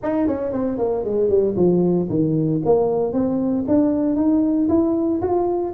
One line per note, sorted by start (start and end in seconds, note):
0.02 0.27 D#4
0.27 0.52 C#4
0.52 0.78 C4
0.78 1.04 A#3
1.04 1.29 G#3
1.29 1.55 G3
1.56 2.08 F3
2.09 2.61 D#3
2.65 3.12 A#3
3.12 3.65 C4
3.67 4.15 D4
4.15 4.68 D#4
4.68 5.21 E4
5.21 5.73 F4